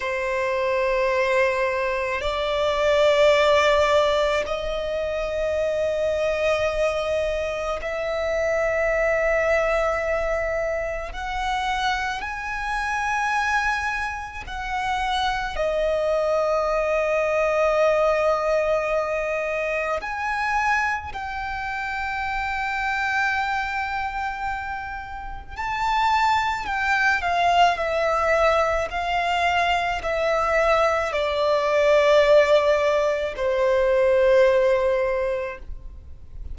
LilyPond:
\new Staff \with { instrumentName = "violin" } { \time 4/4 \tempo 4 = 54 c''2 d''2 | dis''2. e''4~ | e''2 fis''4 gis''4~ | gis''4 fis''4 dis''2~ |
dis''2 gis''4 g''4~ | g''2. a''4 | g''8 f''8 e''4 f''4 e''4 | d''2 c''2 | }